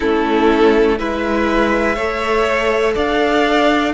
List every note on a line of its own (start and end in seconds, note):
0.00 0.99 A3
0.00 0.99 C#4
0.00 0.98 E4
0.00 0.98 A4
0.99 1.97 G#3
0.99 1.97 E4
0.99 1.95 B4
0.99 2.95 E5
1.95 2.95 A3
1.95 3.93 A4
1.95 2.94 C#5
2.94 3.93 D4
2.94 3.92 D5
2.94 3.93 F5